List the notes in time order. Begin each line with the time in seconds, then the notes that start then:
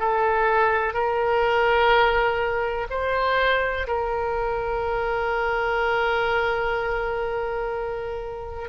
0.00 A4
0.94 A#4
2.90 C5
3.88 A#4